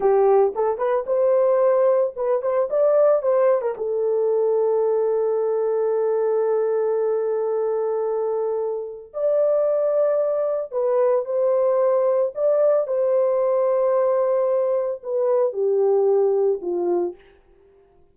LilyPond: \new Staff \with { instrumentName = "horn" } { \time 4/4 \tempo 4 = 112 g'4 a'8 b'8 c''2 | b'8 c''8 d''4 c''8. ais'16 a'4~ | a'1~ | a'1~ |
a'4 d''2. | b'4 c''2 d''4 | c''1 | b'4 g'2 f'4 | }